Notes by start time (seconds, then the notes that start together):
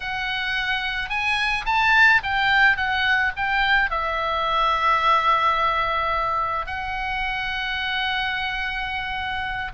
0.00 F#5
1.09 G#5
1.65 A5
2.23 G5
2.77 F#5
3.36 G5
3.90 E5
6.66 F#5